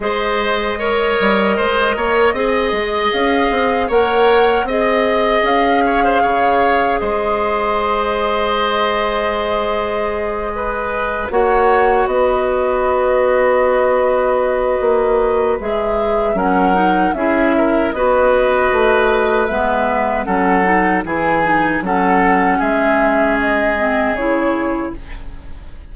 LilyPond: <<
  \new Staff \with { instrumentName = "flute" } { \time 4/4 \tempo 4 = 77 dis''1 | f''4 fis''4 dis''4 f''4~ | f''4 dis''2.~ | dis''2~ dis''8 fis''4 dis''8~ |
dis''1 | e''4 fis''4 e''4 dis''4~ | dis''4 e''4 fis''4 gis''4 | fis''4 e''4 dis''4 cis''4 | }
  \new Staff \with { instrumentName = "oboe" } { \time 4/4 c''4 cis''4 c''8 cis''8 dis''4~ | dis''4 cis''4 dis''4. cis''16 c''16 | cis''4 c''2.~ | c''4. b'4 cis''4 b'8~ |
b'1~ | b'4 ais'4 gis'8 ais'8 b'4~ | b'2 a'4 gis'4 | a'4 gis'2. | }
  \new Staff \with { instrumentName = "clarinet" } { \time 4/4 gis'4 ais'2 gis'4~ | gis'4 ais'4 gis'2~ | gis'1~ | gis'2~ gis'8 fis'4.~ |
fis'1 | gis'4 cis'8 dis'8 e'4 fis'4~ | fis'4 b4 cis'8 dis'8 e'8 dis'8 | cis'2~ cis'8 c'8 e'4 | }
  \new Staff \with { instrumentName = "bassoon" } { \time 4/4 gis4. g8 gis8 ais8 c'8 gis8 | cis'8 c'8 ais4 c'4 cis'4 | cis4 gis2.~ | gis2~ gis8 ais4 b8~ |
b2. ais4 | gis4 fis4 cis'4 b4 | a4 gis4 fis4 e4 | fis4 gis2 cis4 | }
>>